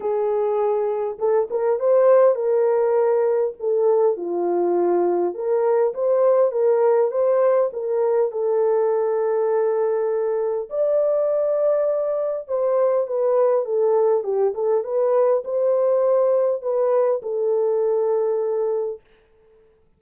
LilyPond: \new Staff \with { instrumentName = "horn" } { \time 4/4 \tempo 4 = 101 gis'2 a'8 ais'8 c''4 | ais'2 a'4 f'4~ | f'4 ais'4 c''4 ais'4 | c''4 ais'4 a'2~ |
a'2 d''2~ | d''4 c''4 b'4 a'4 | g'8 a'8 b'4 c''2 | b'4 a'2. | }